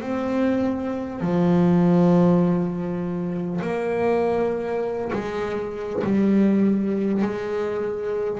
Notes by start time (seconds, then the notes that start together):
0.00 C4
1.20 F3
3.61 A#3
5.12 G#3
6.04 G3
7.22 G#3